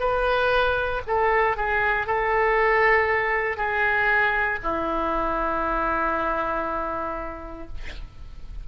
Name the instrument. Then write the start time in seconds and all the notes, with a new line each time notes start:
oboe
0.00 B4
1.07 A4
1.57 G#4
2.06 A4
3.57 G#4
4.63 E4